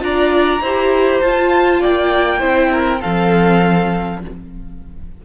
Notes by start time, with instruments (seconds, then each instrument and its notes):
0.00 cello D4, viola F4, violin D5 A#5
0.61 cello E4, viola G4, violin C5
1.21 cello F4, viola F4, violin A5
1.81 cello A#3, violin D5 G5
2.40 cello C4, viola E4, violin C5
2.72 violin A#4
3.01 cello F3, viola C4, violin A4 F5